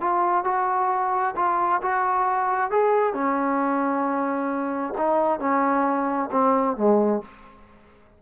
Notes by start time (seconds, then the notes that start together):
0.00 F4
0.44 F#4
1.36 F4
1.82 F#4
2.71 G#4
3.14 C#4
4.97 D#4
5.39 C#4
6.32 C4
6.76 G#3